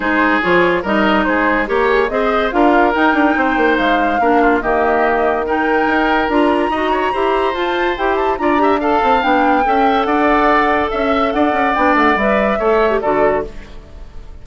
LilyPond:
<<
  \new Staff \with { instrumentName = "flute" } { \time 4/4 \tempo 4 = 143 c''4 cis''4 dis''4 c''4 | ais'8 gis'8 dis''4 f''4 g''4~ | g''4 f''2 dis''4~ | dis''4 g''2 ais''4~ |
ais''2 a''4 g''8 a''8 | ais''4 a''4 g''2 | fis''2 e''4 fis''4 | g''8 fis''8 e''2 d''4 | }
  \new Staff \with { instrumentName = "oboe" } { \time 4/4 gis'2 ais'4 gis'4 | cis''4 c''4 ais'2 | c''2 ais'8 f'8 g'4~ | g'4 ais'2. |
dis''8 cis''8 c''2. | d''8 e''8 f''2 e''4 | d''2 e''4 d''4~ | d''2 cis''4 a'4 | }
  \new Staff \with { instrumentName = "clarinet" } { \time 4/4 dis'4 f'4 dis'2 | g'4 gis'4 f'4 dis'4~ | dis'2 d'4 ais4~ | ais4 dis'2 f'4 |
fis'4 g'4 f'4 g'4 | f'8 g'8 a'4 d'4 a'4~ | a'1 | d'4 b'4 a'8. g'16 fis'4 | }
  \new Staff \with { instrumentName = "bassoon" } { \time 4/4 gis4 f4 g4 gis4 | ais4 c'4 d'4 dis'8 d'8 | c'8 ais8 gis4 ais4 dis4~ | dis2 dis'4 d'4 |
dis'4 e'4 f'4 e'4 | d'4. c'8 b4 cis'4 | d'2 cis'4 d'8 cis'8 | b8 a8 g4 a4 d4 | }
>>